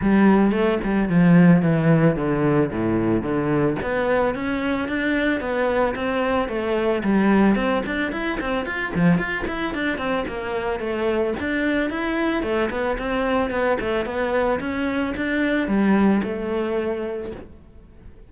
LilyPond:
\new Staff \with { instrumentName = "cello" } { \time 4/4 \tempo 4 = 111 g4 a8 g8 f4 e4 | d4 a,4 d4 b4 | cis'4 d'4 b4 c'4 | a4 g4 c'8 d'8 e'8 c'8 |
f'8 f8 f'8 e'8 d'8 c'8 ais4 | a4 d'4 e'4 a8 b8 | c'4 b8 a8 b4 cis'4 | d'4 g4 a2 | }